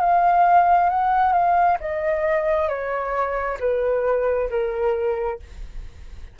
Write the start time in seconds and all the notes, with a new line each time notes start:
0.00 F5
0.90 F#5
1.33 F5
1.81 D#5
2.69 C#5
3.60 B4
4.50 A#4